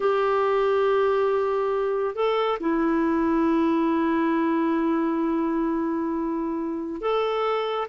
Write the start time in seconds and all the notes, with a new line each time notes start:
0.00 G4
2.15 A4
2.60 E4
7.01 A4